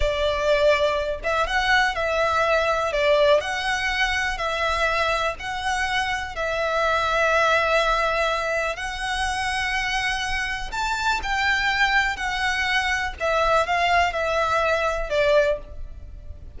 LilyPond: \new Staff \with { instrumentName = "violin" } { \time 4/4 \tempo 4 = 123 d''2~ d''8 e''8 fis''4 | e''2 d''4 fis''4~ | fis''4 e''2 fis''4~ | fis''4 e''2.~ |
e''2 fis''2~ | fis''2 a''4 g''4~ | g''4 fis''2 e''4 | f''4 e''2 d''4 | }